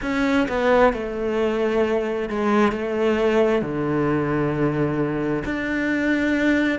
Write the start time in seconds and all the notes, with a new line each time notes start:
0.02 C#4
0.48 B3
0.93 A3
2.29 G#3
2.71 A3
3.62 D3
5.44 D4